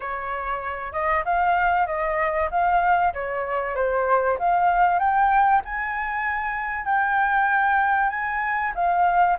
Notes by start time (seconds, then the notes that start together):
0.00 C#5
0.92 D#5
1.24 F5
1.86 D#5
2.50 F5
3.13 C#5
3.75 C5
4.38 F5
4.99 G5
5.64 G#5
6.85 G5
8.09 G#5
8.74 F5